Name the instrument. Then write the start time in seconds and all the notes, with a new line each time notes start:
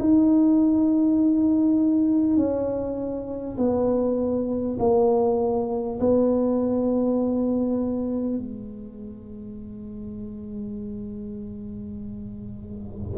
tuba
0.00 D#4
2.37 C#4
3.58 B3
4.79 A#3
6.01 B3
8.39 G#3